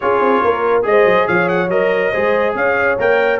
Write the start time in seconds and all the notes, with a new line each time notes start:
0.00 C#4 F4 G#4 C#5
0.20 C4
0.43 A#3 A#4
0.82 G#3 G#4 D#5
0.89 C5
1.05 F#3
1.27 F3 C#5 F5
1.48 F#5
1.68 F#3 A#4 D#5
2.11 G#3 G#4 C5
2.54 C#4 C#5 F5
2.98 A#3 A#4 G5